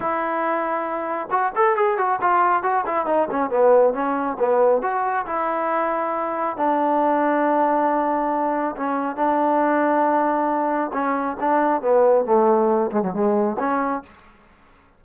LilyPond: \new Staff \with { instrumentName = "trombone" } { \time 4/4 \tempo 4 = 137 e'2. fis'8 a'8 | gis'8 fis'8 f'4 fis'8 e'8 dis'8 cis'8 | b4 cis'4 b4 fis'4 | e'2. d'4~ |
d'1 | cis'4 d'2.~ | d'4 cis'4 d'4 b4 | a4. gis16 fis16 gis4 cis'4 | }